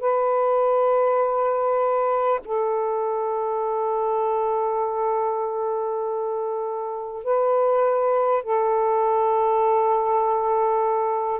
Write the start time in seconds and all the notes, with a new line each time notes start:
0.00 B4
2.44 A4
7.23 B4
8.43 A4